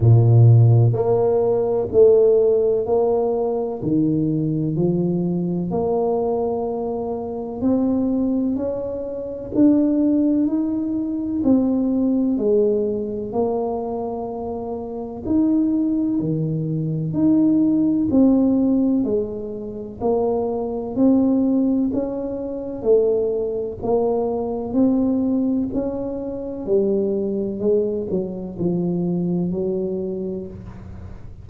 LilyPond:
\new Staff \with { instrumentName = "tuba" } { \time 4/4 \tempo 4 = 63 ais,4 ais4 a4 ais4 | dis4 f4 ais2 | c'4 cis'4 d'4 dis'4 | c'4 gis4 ais2 |
dis'4 dis4 dis'4 c'4 | gis4 ais4 c'4 cis'4 | a4 ais4 c'4 cis'4 | g4 gis8 fis8 f4 fis4 | }